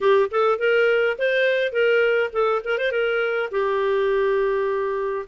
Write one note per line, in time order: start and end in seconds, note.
0.01 0.30 G4
0.31 0.58 A4
0.58 1.17 A#4
1.18 1.72 C5
1.72 2.30 A#4
2.32 2.61 A4
2.64 2.77 A#4
2.77 2.91 C5
2.91 3.49 A#4
3.51 5.25 G4